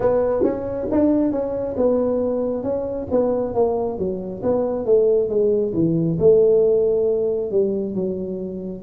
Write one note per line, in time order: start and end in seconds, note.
0.00 0.43 B3
0.43 0.87 C#4
0.91 1.31 D4
1.31 1.75 C#4
1.76 2.63 B3
2.63 3.07 C#4
3.10 3.54 B3
3.54 3.98 A#3
3.98 4.42 F#3
4.42 4.85 B3
4.85 5.29 A3
5.29 5.73 G#3
5.74 6.18 E3
6.19 7.51 A3
7.51 7.94 G3
7.94 8.82 F#3